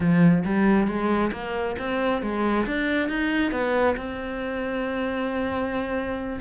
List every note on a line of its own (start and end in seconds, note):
0.00 0.44 F3
0.44 0.87 G3
0.87 1.31 G#3
1.32 1.76 A#3
1.79 2.22 C4
2.22 2.66 G#3
2.66 3.08 D4
3.08 3.51 D#4
3.51 3.95 B3
3.96 6.39 C4